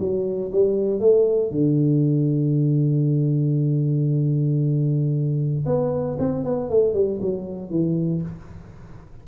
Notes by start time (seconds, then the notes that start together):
0.00 F#3
0.52 G3
1.00 A3
1.52 D3
5.66 B3
6.19 C4
6.45 B3
6.70 A3
6.94 G3
7.22 F#3
7.71 E3